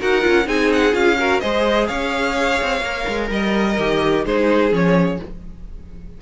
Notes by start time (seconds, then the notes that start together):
0.00 D#4 F#4 A#4 F#5
0.22 C#4 F4
0.46 C4 D#4 G#4 G#5
0.73 F#5
0.93 C#4 F4 F5
1.19 F#4 A#4
1.41 G#3 G#4 C5 D#5
1.88 C#4 C#5 F5
2.62 C4
2.82 A#3 A#4
3.08 G#3
3.31 G3 A#4 D#5
3.78 D#3 G4
4.25 G#3 D#4 G#4 C5
4.71 F3 C#4 C#5